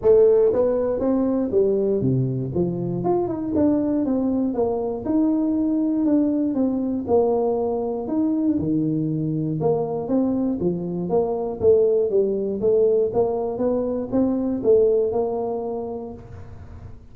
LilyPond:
\new Staff \with { instrumentName = "tuba" } { \time 4/4 \tempo 4 = 119 a4 b4 c'4 g4 | c4 f4 f'8 dis'8 d'4 | c'4 ais4 dis'2 | d'4 c'4 ais2 |
dis'4 dis2 ais4 | c'4 f4 ais4 a4 | g4 a4 ais4 b4 | c'4 a4 ais2 | }